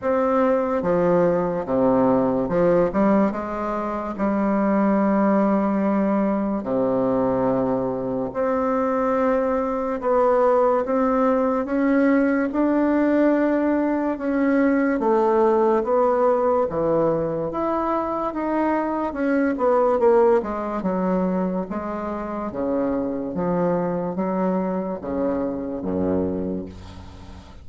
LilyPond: \new Staff \with { instrumentName = "bassoon" } { \time 4/4 \tempo 4 = 72 c'4 f4 c4 f8 g8 | gis4 g2. | c2 c'2 | b4 c'4 cis'4 d'4~ |
d'4 cis'4 a4 b4 | e4 e'4 dis'4 cis'8 b8 | ais8 gis8 fis4 gis4 cis4 | f4 fis4 cis4 fis,4 | }